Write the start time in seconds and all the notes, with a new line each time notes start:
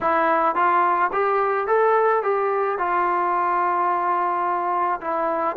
0.00 E4
0.55 F4
1.12 G4
1.67 A4
2.22 G4
2.78 F4
5.01 E4